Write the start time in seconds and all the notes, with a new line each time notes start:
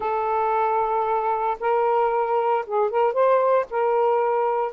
0.00 A4
1.59 A#4
2.66 G#4
2.90 A#4
3.13 C5
3.70 A#4